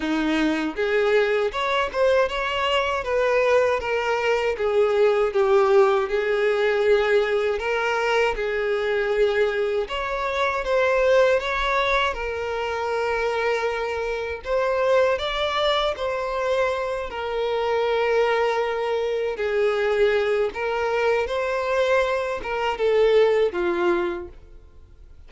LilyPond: \new Staff \with { instrumentName = "violin" } { \time 4/4 \tempo 4 = 79 dis'4 gis'4 cis''8 c''8 cis''4 | b'4 ais'4 gis'4 g'4 | gis'2 ais'4 gis'4~ | gis'4 cis''4 c''4 cis''4 |
ais'2. c''4 | d''4 c''4. ais'4.~ | ais'4. gis'4. ais'4 | c''4. ais'8 a'4 f'4 | }